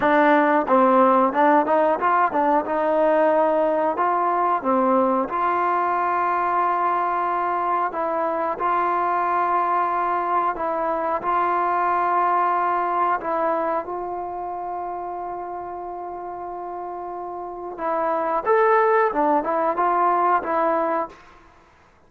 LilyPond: \new Staff \with { instrumentName = "trombone" } { \time 4/4 \tempo 4 = 91 d'4 c'4 d'8 dis'8 f'8 d'8 | dis'2 f'4 c'4 | f'1 | e'4 f'2. |
e'4 f'2. | e'4 f'2.~ | f'2. e'4 | a'4 d'8 e'8 f'4 e'4 | }